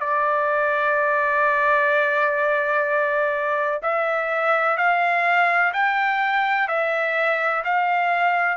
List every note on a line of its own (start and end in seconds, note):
0.00 3.81 D5
3.82 4.77 E5
4.77 5.73 F5
5.73 6.68 G5
6.68 7.63 E5
7.65 8.57 F5